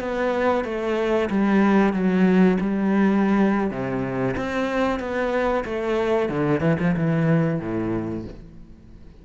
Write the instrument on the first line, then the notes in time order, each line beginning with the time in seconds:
cello
0.00 B3
0.65 A3
1.30 G3
1.94 F#3
2.60 G3
3.71 C3
4.37 C4
5.00 B3
5.65 A3
6.29 D3
6.61 E3
6.80 F3
6.97 E3
7.60 A2